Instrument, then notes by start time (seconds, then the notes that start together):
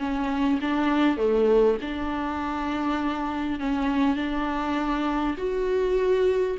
viola
0.00 C#4
0.62 D4
1.18 A3
1.82 D4
3.60 C#4
4.17 D4
5.38 F#4